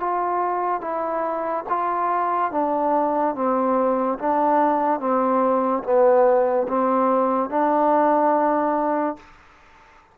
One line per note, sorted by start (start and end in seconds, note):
0.00 0.81 F4
0.81 1.65 E4
1.70 2.52 F4
2.52 3.35 D4
3.35 4.19 C4
4.19 5.00 D4
5.00 5.83 C4
5.84 6.67 B3
6.69 7.50 C4
7.50 9.17 D4